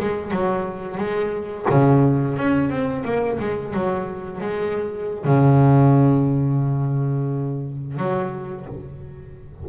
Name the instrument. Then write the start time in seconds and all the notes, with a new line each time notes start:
double bass
0.00 G#3
0.31 F#3
0.98 G#3
1.70 C#3
2.38 C#4
2.70 C4
3.05 A#3
3.40 G#3
3.74 F#3
4.41 G#3
5.25 C#3
7.98 F#3